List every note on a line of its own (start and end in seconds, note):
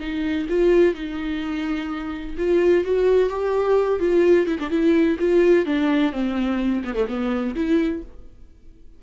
0.00 0.47 D#4
0.49 0.94 F4
0.94 2.36 D#4
2.38 2.84 F4
2.84 3.30 F#4
3.30 4.00 G4
4.00 4.47 F4
4.47 4.59 E4
4.59 4.70 D4
4.70 5.17 E4
5.19 5.66 F4
5.66 6.12 D4
6.12 6.83 C4
6.85 6.95 B3
6.95 7.07 A3
7.08 7.55 B3
7.55 8.02 E4